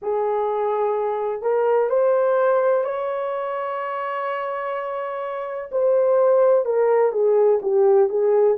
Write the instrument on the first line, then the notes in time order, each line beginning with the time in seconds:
horn
0.02 G#4
1.42 A#4
1.89 C5
2.84 C#5
5.71 C5
6.65 A#4
7.12 G#4
7.61 G4
8.09 G#4